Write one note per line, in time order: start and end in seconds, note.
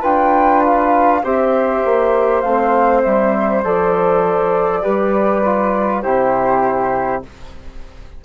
0.00 1.24 D4
0.00 1.22 F4
0.00 1.20 B4
0.00 0.63 G5
0.65 1.25 F5
1.23 1.83 C4
1.23 2.43 G4
1.23 4.83 C5
1.23 2.41 E5
1.85 2.43 A#3
2.41 3.02 A3
2.41 3.64 C4
2.41 3.01 F5
3.02 3.64 G3
3.02 3.62 E5
3.64 4.84 F3
3.64 4.81 A4
3.64 6.02 D5
4.81 6.04 G3
4.81 5.41 G4
4.81 6.02 B4
5.44 6.03 F4
6.02 7.24 C3
6.02 7.23 E4
6.02 7.22 G4
6.02 7.21 C5